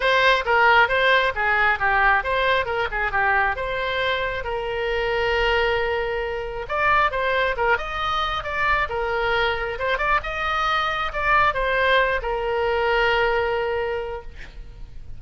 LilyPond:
\new Staff \with { instrumentName = "oboe" } { \time 4/4 \tempo 4 = 135 c''4 ais'4 c''4 gis'4 | g'4 c''4 ais'8 gis'8 g'4 | c''2 ais'2~ | ais'2. d''4 |
c''4 ais'8 dis''4. d''4 | ais'2 c''8 d''8 dis''4~ | dis''4 d''4 c''4. ais'8~ | ais'1 | }